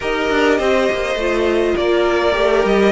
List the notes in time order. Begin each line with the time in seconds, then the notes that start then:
0.00 D#4 G4 A#4 D#5
0.30 D4
0.58 C4 C5
0.91 A#3
1.15 A3 F4
1.76 A#3 A#4 D5
2.32 A3 G4
2.64 G3 D#5